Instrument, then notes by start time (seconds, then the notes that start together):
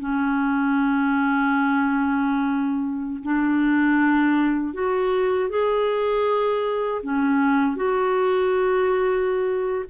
clarinet
0.00 C#4
3.23 D4
4.74 F#4
5.50 G#4
7.03 C#4
7.76 F#4